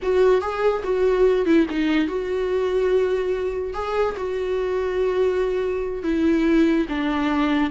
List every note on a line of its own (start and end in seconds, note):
0.02 0.41 F#4
0.41 0.82 G#4
0.83 1.45 F#4
1.45 1.66 E4
1.70 2.07 D#4
2.07 3.73 F#4
3.73 4.15 G#4
4.16 6.03 F#4
6.03 6.86 E4
6.88 7.70 D4